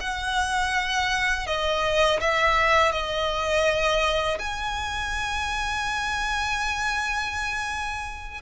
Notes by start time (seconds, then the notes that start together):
0.00 F#5
1.46 D#5
2.20 E5
2.92 D#5
4.39 G#5